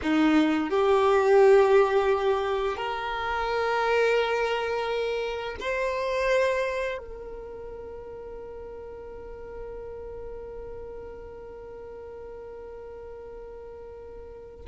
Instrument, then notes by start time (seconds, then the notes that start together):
violin
0.02 D#4
0.69 G4
2.77 A#4
5.60 C5
6.98 A#4